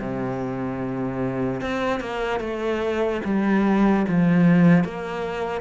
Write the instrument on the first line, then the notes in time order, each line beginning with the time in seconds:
cello
0.00 C3
1.61 C4
2.00 A#3
2.40 A3
3.24 G3
4.08 F3
4.84 A#3